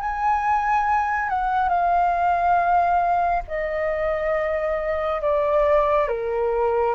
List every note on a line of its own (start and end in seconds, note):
0.00 1.29 G#5
1.29 1.69 F#5
1.69 3.43 F5
3.48 5.22 D#5
5.22 6.08 D5
6.08 6.95 A#4